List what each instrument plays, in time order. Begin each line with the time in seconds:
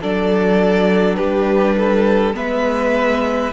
0.00 cello F#3, viola D4, violin A4 D5
1.15 cello G3, violin G4 B4
1.77 violin A4
2.33 cello G#3, viola B3, violin B4 E5